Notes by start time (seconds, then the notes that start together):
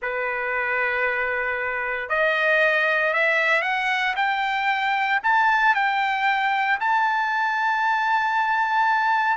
0.02 B4
2.09 D#5
3.13 E5
3.62 F#5
4.16 G5
5.23 A5
5.74 G5
6.79 A5